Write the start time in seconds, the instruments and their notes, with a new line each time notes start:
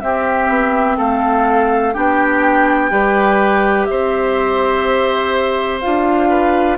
0.00 clarinet C4, bassoon C4, oboe G4, flute E5
0.48 bassoon B3
0.97 bassoon A3, oboe A4, flute F5
1.94 bassoon B3, clarinet D4, oboe G4, flute G5
2.90 bassoon G3, clarinet G4, oboe B4
3.85 bassoon C4, oboe C5, flute E5
5.81 bassoon D4, clarinet F4, flute F5
6.29 oboe B4